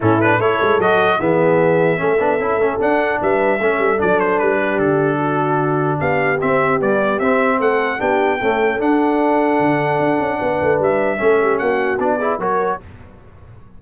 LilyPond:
<<
  \new Staff \with { instrumentName = "trumpet" } { \time 4/4 \tempo 4 = 150 a'8 b'8 cis''4 dis''4 e''4~ | e''2. fis''4 | e''2 d''8 c''8 b'4 | a'2. f''4 |
e''4 d''4 e''4 fis''4 | g''2 fis''2~ | fis''2. e''4~ | e''4 fis''4 d''4 cis''4 | }
  \new Staff \with { instrumentName = "horn" } { \time 4/4 e'4 a'2 gis'4~ | gis'4 a'2. | b'4 a'2~ a'8 g'8~ | g'4 fis'2 g'4~ |
g'2. a'4 | g'4 a'2.~ | a'2 b'2 | a'8 g'8 fis'4. gis'8 ais'4 | }
  \new Staff \with { instrumentName = "trombone" } { \time 4/4 cis'8 d'8 e'4 fis'4 b4~ | b4 cis'8 d'8 e'8 cis'8 d'4~ | d'4 cis'4 d'2~ | d'1 |
c'4 g4 c'2 | d'4 a4 d'2~ | d'1 | cis'2 d'8 e'8 fis'4 | }
  \new Staff \with { instrumentName = "tuba" } { \time 4/4 a,4 a8 gis8 fis4 e4~ | e4 a8 b8 cis'8 a8 d'4 | g4 a8 g8 fis4 g4 | d2. b4 |
c'4 b4 c'4 a4 | b4 cis'4 d'2 | d4 d'8 cis'8 b8 a8 g4 | a4 ais4 b4 fis4 | }
>>